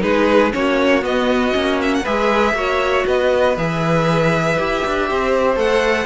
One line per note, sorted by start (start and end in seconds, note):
0.00 0.53 G#3
0.00 0.50 D#4
0.00 0.53 G#4
0.00 0.52 B4
0.52 1.04 A#3
0.52 1.01 C#4
0.52 2.03 F#4
0.52 1.04 C#5
1.01 1.52 B3
1.01 1.54 B3
1.01 1.81 D#5
1.52 2.06 A#3
1.52 2.03 C#4
1.82 1.94 E5
1.94 2.05 F#5
2.03 2.54 G#3
2.03 2.55 G#4
2.03 2.53 B4
2.03 3.06 E5
2.54 3.04 A#3
2.54 3.56 F#4
2.54 3.07 C#5
3.07 3.57 B3
3.07 5.09 B4
3.07 3.57 D#5
3.57 4.58 E3
3.57 4.58 G#4
3.57 5.58 E5
4.58 4.84 E4
4.58 5.56 G4
4.87 5.11 D4
5.10 5.56 C4
5.10 6.05 C5
5.56 6.05 A3
5.56 6.05 A4
5.56 6.05 F#5